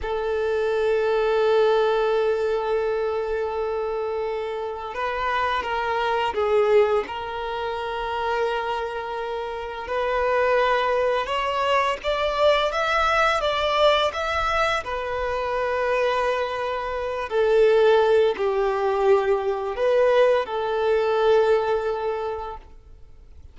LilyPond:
\new Staff \with { instrumentName = "violin" } { \time 4/4 \tempo 4 = 85 a'1~ | a'2. b'4 | ais'4 gis'4 ais'2~ | ais'2 b'2 |
cis''4 d''4 e''4 d''4 | e''4 b'2.~ | b'8 a'4. g'2 | b'4 a'2. | }